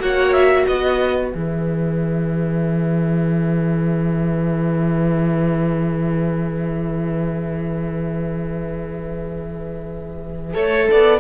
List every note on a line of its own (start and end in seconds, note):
0.00 0.66 A#3
0.00 1.32 F#4
0.00 0.67 C#5
0.00 0.33 F#5
0.33 0.66 E5
0.67 1.34 B3
0.67 10.55 B4
0.67 1.31 D#5
1.31 10.55 E3
1.31 10.54 G#4
1.31 11.20 E5
10.54 10.88 A3
10.54 11.20 A4
10.54 10.88 C#5
10.91 11.20 B3
10.91 11.20 D5